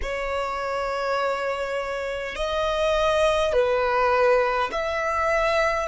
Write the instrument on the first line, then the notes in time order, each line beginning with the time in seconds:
violin
0.02 C#5
2.35 D#5
3.52 B4
4.72 E5